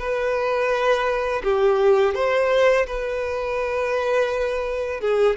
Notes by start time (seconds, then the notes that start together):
0.00 B4
1.44 G4
2.15 C5
2.87 B4
5.01 G#4